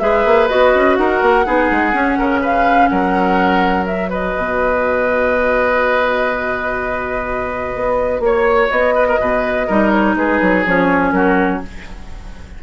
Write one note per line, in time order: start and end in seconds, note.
0.00 0.25 G#3
0.00 0.50 G#4
0.00 1.00 B4
0.00 0.48 E5
0.25 0.50 A#3
0.49 0.75 B3
0.49 1.45 F#4
0.49 0.96 D#5
0.75 0.98 C#4
0.96 1.22 D#4
0.96 1.46 A#4
0.96 2.41 F#5
1.22 1.46 A#3
1.45 1.71 B3
1.45 1.94 D#4
1.45 2.19 G#4
1.71 1.94 G#3
1.94 3.87 C#4
1.94 2.18 C#4
2.19 2.91 C#3
2.19 2.41 A#4
2.41 2.90 B4
2.41 2.89 F5
2.89 4.36 F#3
2.89 4.10 A#4
2.89 3.85 F#5
3.87 9.68 F#4
3.87 4.11 E5
4.10 8.21 B4
4.10 8.24 D#5
4.37 7.75 B2
7.75 8.20 B3
8.20 8.68 A#3
8.20 8.71 C#5
8.20 8.95 C#5
8.71 9.20 B3
8.71 9.92 D#5
8.95 9.07 B4
9.08 9.20 A#4
9.20 9.69 B2
9.20 9.67 B4
9.67 10.16 G3
9.67 10.66 D#4
9.67 10.16 A#4
9.92 10.16 C#5
10.16 10.40 G#3
10.16 11.15 G#4
10.16 10.65 B4
10.42 10.66 F#3
10.66 11.13 F3
10.66 11.64 C#4
10.66 11.12 C#5
11.12 11.61 F#3
11.12 11.64 F#4
11.12 11.60 A#4